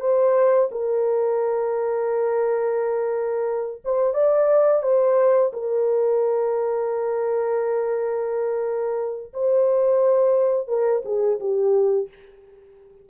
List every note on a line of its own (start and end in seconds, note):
0.00 0.69 C5
0.71 3.82 A#4
3.84 4.14 C5
4.14 4.82 D5
4.82 5.51 C5
5.53 9.32 A#4
9.33 10.68 C5
10.68 11.02 A#4
11.05 11.39 G#4
11.39 12.08 G4